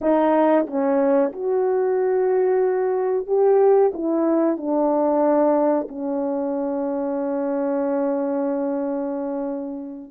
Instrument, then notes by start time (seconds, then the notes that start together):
horn
0.01 D#4
0.67 C#4
1.32 F#4
3.26 G4
3.93 E4
4.57 D4
5.88 C#4